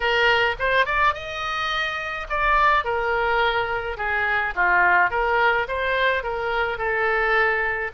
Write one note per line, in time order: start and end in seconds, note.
0.00 0.55 A#4
0.59 0.85 C5
0.85 1.13 D5
1.13 2.27 D#5
2.29 2.84 D5
2.84 3.97 A#4
3.97 4.54 G#4
4.55 5.10 F4
5.10 5.67 A#4
5.68 6.23 C5
6.23 6.78 A#4
6.78 7.91 A4